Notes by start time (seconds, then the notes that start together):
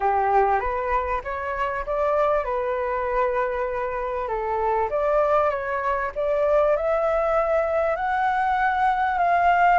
0.00 G4
0.60 B4
1.24 C#5
1.86 D5
2.44 B4
4.27 A4
4.90 D5
5.50 C#5
6.15 D5
6.76 E5
7.95 F#5
9.18 F5